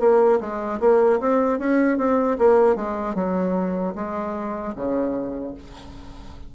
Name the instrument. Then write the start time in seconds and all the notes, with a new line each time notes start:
bassoon
0.00 A#3
0.41 G#3
0.80 A#3
1.21 C4
1.59 C#4
1.98 C4
2.39 A#3
2.76 G#3
3.15 F#3
3.95 G#3
4.76 C#3